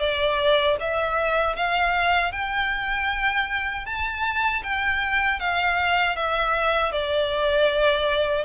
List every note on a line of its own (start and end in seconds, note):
0.00 0.77 D5
0.80 1.57 E5
1.57 2.32 F5
2.32 3.86 G5
3.86 4.63 A5
4.63 5.40 G5
5.40 6.16 F5
6.16 6.92 E5
6.92 8.45 D5